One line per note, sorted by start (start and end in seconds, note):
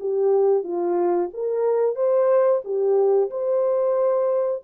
0.00 0.64 G4
0.64 1.29 F4
1.33 1.96 A#4
1.96 2.62 C5
2.64 3.30 G4
3.31 4.62 C5